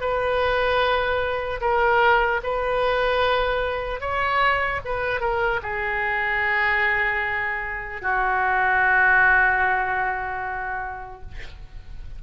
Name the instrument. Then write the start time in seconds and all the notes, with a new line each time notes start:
oboe
0.00 B4
1.61 A#4
2.43 B4
4.00 C#5
4.84 B4
5.20 A#4
5.62 G#4
8.01 F#4